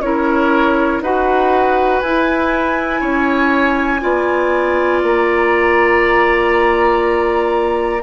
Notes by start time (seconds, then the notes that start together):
0.00 C#4 E4 A#4 C#5
1.01 D#4 F#4 B4 F#5
2.00 E4 G#5
3.00 C#4 C#5
3.99 B3 F4 D5
5.03 A#3 A#5